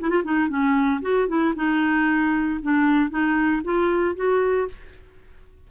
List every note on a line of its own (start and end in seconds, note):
0.00 0.09 E4
0.09 0.23 F4
0.24 0.48 D#4
0.48 1.01 C#4
1.02 1.28 F#4
1.28 1.54 E4
1.56 2.60 D#4
2.62 3.09 D4
3.09 3.62 D#4
3.64 4.15 F4
4.15 4.68 F#4